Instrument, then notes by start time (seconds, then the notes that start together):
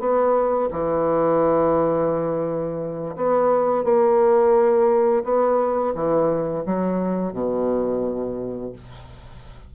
bassoon
0.00 B3
0.72 E3
3.16 B3
3.85 A#3
5.25 B3
5.95 E3
6.66 F#3
7.33 B2